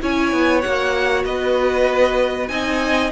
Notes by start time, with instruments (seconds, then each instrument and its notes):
0.00 cello C#4, viola E4, violin C#5 G#5
0.32 cello B3
0.61 cello A#3, viola F#4, violin F#5
1.24 cello B3, violin B4 D#5
2.48 cello C4, viola D#4, violin D#5 G#5